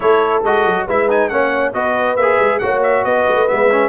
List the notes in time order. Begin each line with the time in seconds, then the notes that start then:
0.00 A3 E4 A4 C#5
0.43 G#3 F#4 D#5
0.65 F#3
0.87 G#3 E4 B4 E5
1.09 D#4 G#5
1.28 A#3 C#4 C#5 F#5
1.73 B3 F#4 B4 D#5
2.16 A#3 G#4 E5
2.39 G#3
2.58 A#3 F#4 C#5 F#5
2.83 E5
3.04 B3 B4 D#5
3.27 A3
3.48 G#3 B3 E5
3.70 C#4